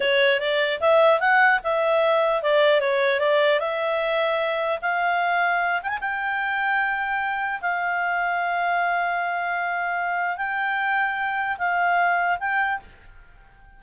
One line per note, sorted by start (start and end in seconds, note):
0.00 0.40 C#5
0.40 0.80 D5
0.80 1.19 E5
1.19 1.59 F#5
1.63 2.42 E5
2.42 2.80 D5
2.80 3.19 C#5
3.19 3.59 D5
3.59 4.79 E5
4.81 5.81 F5
5.83 5.88 G5
5.83 5.98 G#5
6.01 7.61 G5
7.61 10.37 F5
10.37 11.57 G5
11.58 12.38 F5
12.39 12.79 G5